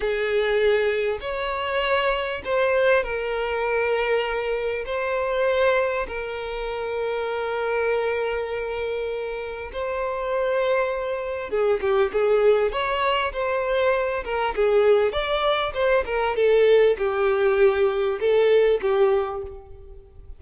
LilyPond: \new Staff \with { instrumentName = "violin" } { \time 4/4 \tempo 4 = 99 gis'2 cis''2 | c''4 ais'2. | c''2 ais'2~ | ais'1 |
c''2. gis'8 g'8 | gis'4 cis''4 c''4. ais'8 | gis'4 d''4 c''8 ais'8 a'4 | g'2 a'4 g'4 | }